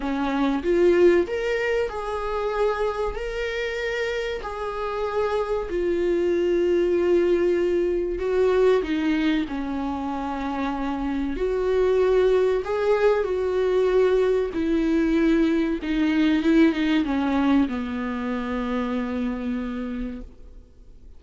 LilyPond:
\new Staff \with { instrumentName = "viola" } { \time 4/4 \tempo 4 = 95 cis'4 f'4 ais'4 gis'4~ | gis'4 ais'2 gis'4~ | gis'4 f'2.~ | f'4 fis'4 dis'4 cis'4~ |
cis'2 fis'2 | gis'4 fis'2 e'4~ | e'4 dis'4 e'8 dis'8 cis'4 | b1 | }